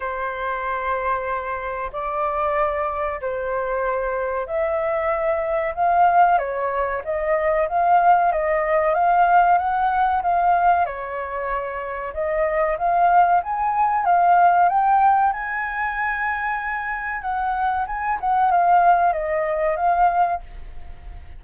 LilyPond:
\new Staff \with { instrumentName = "flute" } { \time 4/4 \tempo 4 = 94 c''2. d''4~ | d''4 c''2 e''4~ | e''4 f''4 cis''4 dis''4 | f''4 dis''4 f''4 fis''4 |
f''4 cis''2 dis''4 | f''4 gis''4 f''4 g''4 | gis''2. fis''4 | gis''8 fis''8 f''4 dis''4 f''4 | }